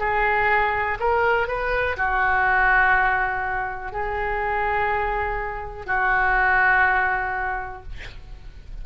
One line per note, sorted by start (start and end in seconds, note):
0.00 0.98 G#4
1.00 1.48 A#4
1.48 1.97 B4
1.97 3.93 F#4
3.93 5.87 G#4
5.87 7.83 F#4